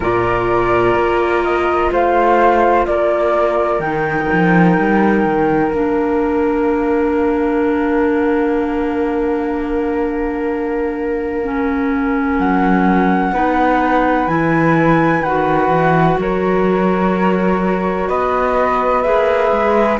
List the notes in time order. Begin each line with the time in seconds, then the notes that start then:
0.00 A#2 F4 A#4 D5
0.94 A#3
1.44 D#5
1.91 A3 C5 F5
2.86 A#3 A#4 D5
3.79 D#3 D#4 G5
4.32 F3
4.78 G3
5.24 D#3
5.71 A#3 D4 F5
11.44 C#4
12.37 F#3 F#5
13.32 B3 D#4 B4
14.27 E3 E4 G#5
15.20 D#3 F#4 F#5
15.68 E3
16.18 F#3 A#4 C#5
18.08 B3 B4 D#5
19.02 A#3 G#4 E5
19.51 G#3